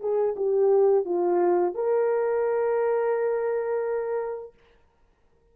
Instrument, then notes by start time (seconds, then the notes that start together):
horn
0.00 G#4
0.36 G4
1.05 F4
1.75 A#4